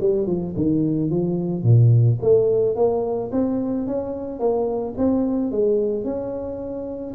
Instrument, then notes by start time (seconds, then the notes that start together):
tuba
0.00 G3
0.27 F3
0.56 D#3
1.10 F3
1.63 A#2
2.22 A3
2.76 A#3
3.32 C4
3.87 C#4
4.39 A#3
4.97 C4
5.51 G#3
6.04 C#4